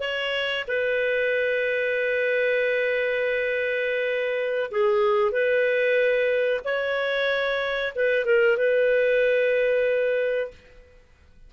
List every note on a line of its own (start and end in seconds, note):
0.00 0.65 C#5
0.67 4.71 B4
4.71 5.31 G#4
5.31 6.60 B4
6.64 7.93 C#5
7.95 8.25 B4
8.25 8.57 A#4
8.57 10.50 B4